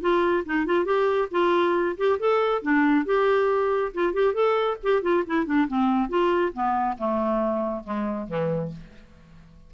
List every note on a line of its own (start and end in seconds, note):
0.00 0.43 F4
0.45 0.65 D#4
0.65 0.85 F4
0.85 1.28 G4
1.31 1.96 F4
1.97 2.19 G4
2.19 2.62 A4
2.62 3.05 D4
3.05 3.92 G4
3.93 4.13 F4
4.13 4.33 G4
4.33 4.77 A4
4.82 5.02 G4
5.02 5.24 F4
5.26 5.45 E4
5.45 5.67 D4
5.68 6.08 C4
6.08 6.52 F4
6.53 6.97 B3
6.98 7.84 A3
7.84 8.27 G#3
8.27 8.71 E3